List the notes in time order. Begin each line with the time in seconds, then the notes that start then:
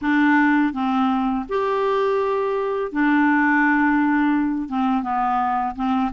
0.01 D4
0.73 C4
1.48 G4
2.91 D4
4.68 C4
5.02 B3
5.75 C4